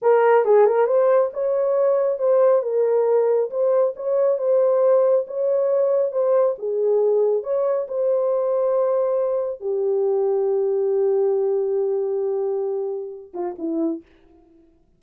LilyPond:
\new Staff \with { instrumentName = "horn" } { \time 4/4 \tempo 4 = 137 ais'4 gis'8 ais'8 c''4 cis''4~ | cis''4 c''4 ais'2 | c''4 cis''4 c''2 | cis''2 c''4 gis'4~ |
gis'4 cis''4 c''2~ | c''2 g'2~ | g'1~ | g'2~ g'8 f'8 e'4 | }